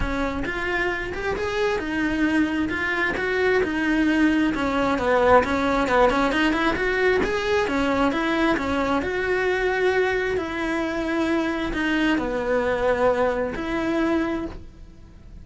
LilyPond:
\new Staff \with { instrumentName = "cello" } { \time 4/4 \tempo 4 = 133 cis'4 f'4. g'8 gis'4 | dis'2 f'4 fis'4 | dis'2 cis'4 b4 | cis'4 b8 cis'8 dis'8 e'8 fis'4 |
gis'4 cis'4 e'4 cis'4 | fis'2. e'4~ | e'2 dis'4 b4~ | b2 e'2 | }